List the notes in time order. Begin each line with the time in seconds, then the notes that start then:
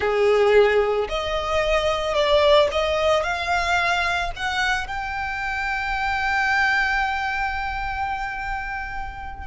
0.00 G#4
1.08 D#5
2.14 D5
2.71 D#5
3.23 F5
4.36 F#5
4.87 G5